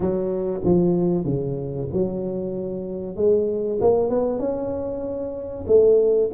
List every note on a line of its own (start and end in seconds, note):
0.00 0.60 F#3
0.64 1.24 F3
1.24 1.87 C#3
1.92 3.16 F#3
3.16 3.79 G#3
3.80 4.09 A#3
4.09 4.39 B3
4.39 5.65 C#4
5.67 6.30 A3